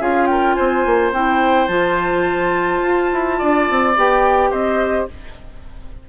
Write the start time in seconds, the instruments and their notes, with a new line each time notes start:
0.00 bassoon C#4, clarinet F4, oboe G#4, flute F5
0.26 oboe A#4, flute G5
0.54 bassoon C4, oboe C5, flute G#5
0.86 bassoon A#3
1.12 bassoon C4, clarinet E4, flute G5
1.68 bassoon F3, clarinet F4, flute A5
2.83 bassoon F4
3.13 bassoon E4
3.38 bassoon D4, oboe D5
3.70 bassoon C4
3.96 bassoon B3, clarinet G4, flute G5
4.50 bassoon C4, oboe C5, flute D#5